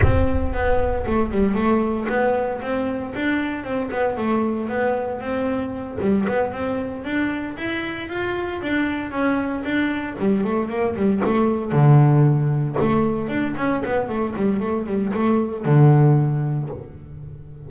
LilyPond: \new Staff \with { instrumentName = "double bass" } { \time 4/4 \tempo 4 = 115 c'4 b4 a8 g8 a4 | b4 c'4 d'4 c'8 b8 | a4 b4 c'4. g8 | b8 c'4 d'4 e'4 f'8~ |
f'8 d'4 cis'4 d'4 g8 | a8 ais8 g8 a4 d4.~ | d8 a4 d'8 cis'8 b8 a8 g8 | a8 g8 a4 d2 | }